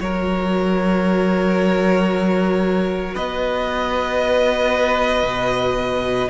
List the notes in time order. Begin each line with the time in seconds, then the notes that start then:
0.00 F#3 F#4 A#4 C#5
3.14 B3 B4 D#5
5.23 B2